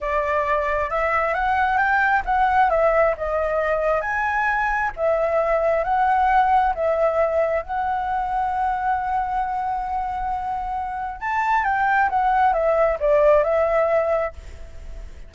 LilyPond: \new Staff \with { instrumentName = "flute" } { \time 4/4 \tempo 4 = 134 d''2 e''4 fis''4 | g''4 fis''4 e''4 dis''4~ | dis''4 gis''2 e''4~ | e''4 fis''2 e''4~ |
e''4 fis''2.~ | fis''1~ | fis''4 a''4 g''4 fis''4 | e''4 d''4 e''2 | }